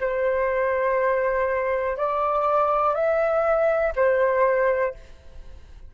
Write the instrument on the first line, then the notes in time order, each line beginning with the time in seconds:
flute
0.00 C5
1.97 D5
2.94 E5
3.96 C5